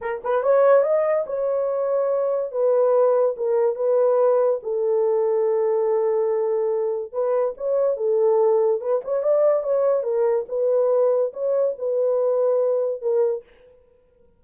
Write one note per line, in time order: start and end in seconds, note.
0.01 0.22 A#4
0.23 0.42 B4
0.42 0.82 C#5
0.82 1.24 D#5
1.26 2.51 C#5
2.51 3.35 B4
3.36 3.75 A#4
3.75 4.59 B4
4.62 7.12 A4
7.12 7.54 B4
7.57 7.96 C#5
7.96 8.80 A4
8.80 9.01 B4
9.04 9.22 C#5
9.22 9.63 D5
9.63 10.03 C#5
10.03 10.45 A#4
10.48 11.32 B4
11.33 11.75 C#5
11.78 13.01 B4
13.01 13.43 A#4